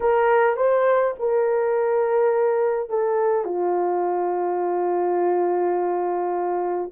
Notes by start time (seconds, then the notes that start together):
0.00 A#4
0.56 C5
1.19 A#4
2.89 A4
3.44 F4